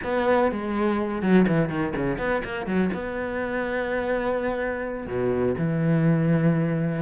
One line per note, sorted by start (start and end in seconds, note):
0.03 0.51 B3
0.51 1.22 G#3
1.22 1.46 F#3
1.47 1.69 E3
1.69 1.93 D#3
1.96 2.18 C#3
2.18 2.42 B3
2.43 2.66 A#3
2.66 2.90 F#3
2.93 5.07 B3
5.07 5.55 B2
5.58 7.02 E3